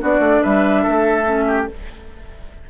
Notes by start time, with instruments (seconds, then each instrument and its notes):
0.00 bassoon B3, clarinet D4, oboe F#4, flute D5
0.19 bassoon A3
0.42 bassoon G3, oboe B4, flute E5
0.83 bassoon A3, oboe A4
1.26 clarinet C#4
1.47 oboe G4